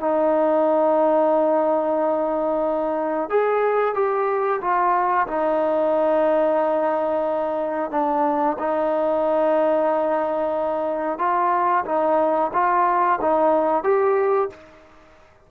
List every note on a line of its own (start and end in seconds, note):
0.00 3.30 D#4
3.30 3.95 G#4
3.95 4.61 G4
4.61 5.27 F4
5.27 7.91 D#4
7.91 8.57 D4
8.59 11.18 D#4
11.18 11.84 F4
11.86 12.52 D#4
12.53 13.19 F4
13.21 13.84 D#4
13.84 14.50 G4